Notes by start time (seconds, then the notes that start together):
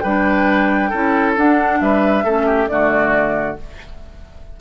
0.00 G3 B4 G5
0.06 D4
0.90 C#4 E4 A4
1.37 D4 F#5
1.81 G3 B4 E5
2.24 A3 C#4 A4
2.46 G4
2.68 D3 A3 F#4 D5